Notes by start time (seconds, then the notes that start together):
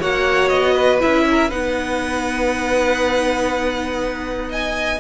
0.00 A#3 F#4 C#5 F#5
0.49 B3 D#5
0.74 B4
1.00 C#4 E4 E5
1.30 A#4
1.48 B3 D#4 B4 F#5
4.49 D#5 G#5